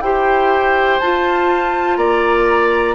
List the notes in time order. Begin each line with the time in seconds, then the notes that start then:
0.00 E4 G4 C5 G5
0.99 F4 A5
1.96 A#3 D5 A#5